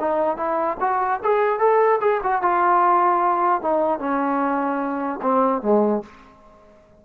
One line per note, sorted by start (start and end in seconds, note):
0.00 0.37 D#4
0.37 0.78 E4
0.80 1.21 F#4
1.24 1.60 G#4
1.60 2.00 A4
2.01 2.21 G#4
2.24 2.43 F#4
2.43 3.62 F4
3.62 4.00 D#4
4.00 5.20 C#4
5.22 5.63 C4
5.63 6.03 G#3